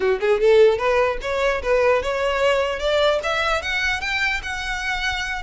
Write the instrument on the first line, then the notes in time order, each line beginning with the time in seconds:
violin
0.00 F#4
0.20 G#4
0.40 A4
0.77 B4
1.21 C#5
1.62 B4
2.02 C#5
2.79 D5
3.23 E5
3.61 F#5
4.01 G5
4.42 F#5